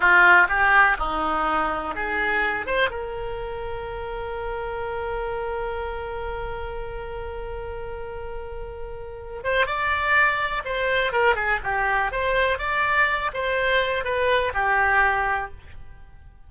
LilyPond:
\new Staff \with { instrumentName = "oboe" } { \time 4/4 \tempo 4 = 124 f'4 g'4 dis'2 | gis'4. c''8 ais'2~ | ais'1~ | ais'1~ |
ais'2.~ ais'8 c''8 | d''2 c''4 ais'8 gis'8 | g'4 c''4 d''4. c''8~ | c''4 b'4 g'2 | }